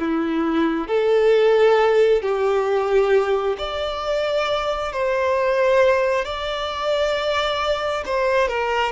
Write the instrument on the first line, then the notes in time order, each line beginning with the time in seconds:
violin
0.00 E4
0.88 A4
2.22 G4
3.58 D5
4.93 C5
6.25 D5
8.06 C5
8.48 A#4